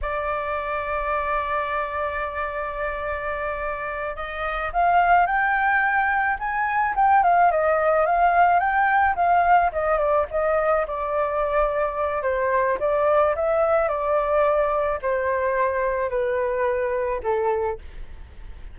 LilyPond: \new Staff \with { instrumentName = "flute" } { \time 4/4 \tempo 4 = 108 d''1~ | d''2.~ d''8 dis''8~ | dis''8 f''4 g''2 gis''8~ | gis''8 g''8 f''8 dis''4 f''4 g''8~ |
g''8 f''4 dis''8 d''8 dis''4 d''8~ | d''2 c''4 d''4 | e''4 d''2 c''4~ | c''4 b'2 a'4 | }